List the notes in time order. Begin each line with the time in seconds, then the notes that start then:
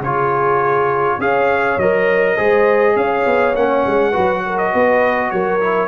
0.00 C#3 F4 G#4 C#5
1.17 C#4 G#4 C#5 F5
1.77 F#3 A#4 D#5
2.35 G#3 G#4 C5
2.96 C#4 C#5 F5
3.26 B3
3.55 A#3 C#4 F#5
3.86 G#3
4.11 F#3 F#4 B4
4.45 A#4
4.58 D#5
4.70 B3 B4
5.31 F#3 A#4 C#5
5.60 E4